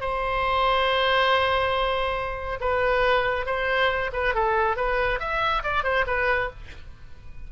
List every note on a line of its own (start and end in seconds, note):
0.00 2.59 C5
2.60 3.46 B4
3.46 4.11 C5
4.12 4.34 B4
4.34 4.76 A4
4.76 5.19 B4
5.19 5.63 E5
5.63 5.83 D5
5.83 6.05 C5
6.06 6.50 B4